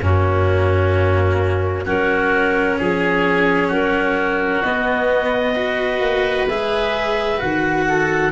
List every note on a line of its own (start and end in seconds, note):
0.00 1.85 F#2
0.00 1.85 A#3
0.00 1.84 C#4
0.00 1.87 F#4
1.84 2.77 F#3
1.84 4.62 C#4
1.84 2.77 F#4
1.84 2.79 A#4
2.78 3.68 F3
2.78 3.67 G#4
2.78 3.72 G#4
3.67 4.61 F#3
3.67 5.52 F#4
3.67 4.62 A#4
4.62 6.00 B3
4.62 5.55 B3
4.62 6.47 D#5
5.54 6.47 F#4
5.54 7.84 B4
6.00 6.46 A#3
6.48 7.40 G#3
6.48 7.37 G#4
6.48 7.40 E5
7.37 8.32 D#3
7.37 8.30 F#4
7.37 8.32 F#5
7.88 8.32 A4